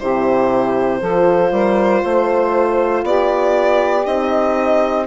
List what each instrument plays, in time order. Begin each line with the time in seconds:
0.00 bassoon C3, horn E4, saxophone G4, violin C5
1.00 bassoon F3, horn F4, saxophone A4
1.52 bassoon G3, saxophone A#4
2.02 bassoon A3, saxophone C5
3.04 bassoon B3, saxophone G4, violin D5
4.06 bassoon C4, horn D#4, violin D#5